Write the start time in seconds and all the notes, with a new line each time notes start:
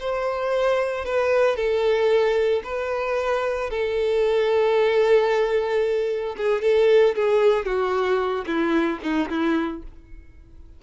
0.00 C5
1.05 B4
1.56 A4
2.64 B4
3.70 A4
6.37 G#4
6.62 A4
7.16 G#4
7.66 F#4
8.47 E4
9.03 D#4
9.30 E4